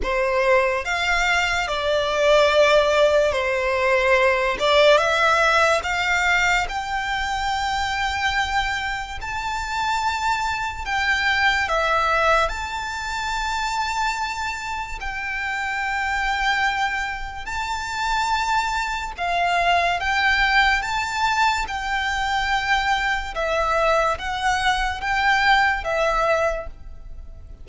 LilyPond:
\new Staff \with { instrumentName = "violin" } { \time 4/4 \tempo 4 = 72 c''4 f''4 d''2 | c''4. d''8 e''4 f''4 | g''2. a''4~ | a''4 g''4 e''4 a''4~ |
a''2 g''2~ | g''4 a''2 f''4 | g''4 a''4 g''2 | e''4 fis''4 g''4 e''4 | }